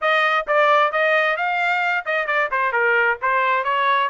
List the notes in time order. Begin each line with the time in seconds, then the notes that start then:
0.01 D#5
0.47 D5
0.92 D#5
1.36 F5
2.05 D#5
2.26 D5
2.51 C5
2.72 A#4
3.21 C5
3.64 C#5